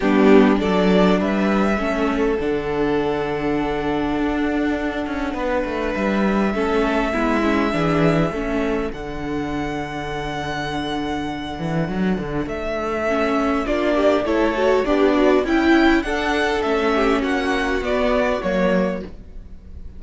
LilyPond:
<<
  \new Staff \with { instrumentName = "violin" } { \time 4/4 \tempo 4 = 101 g'4 d''4 e''2 | fis''1~ | fis''2 e''2~ | e''2. fis''4~ |
fis''1~ | fis''4 e''2 d''4 | cis''4 d''4 g''4 fis''4 | e''4 fis''4 d''4 cis''4 | }
  \new Staff \with { instrumentName = "violin" } { \time 4/4 d'4 a'4 b'4 a'4~ | a'1~ | a'4 b'2 a'4 | e'4 gis'4 a'2~ |
a'1~ | a'2. f'8 g'8 | a'4 d'4 e'4 a'4~ | a'8 g'8 fis'2. | }
  \new Staff \with { instrumentName = "viola" } { \time 4/4 b4 d'2 cis'4 | d'1~ | d'2. cis'4 | b8 cis'8 d'4 cis'4 d'4~ |
d'1~ | d'2 cis'4 d'4 | e'8 fis'8 g'8 fis'8 e'4 d'4 | cis'2 b4 ais4 | }
  \new Staff \with { instrumentName = "cello" } { \time 4/4 g4 fis4 g4 a4 | d2. d'4~ | d'8 cis'8 b8 a8 g4 a4 | gis4 e4 a4 d4~ |
d2.~ d8 e8 | fis8 d8 a2 ais4 | a4 b4 cis'4 d'4 | a4 ais4 b4 fis4 | }
>>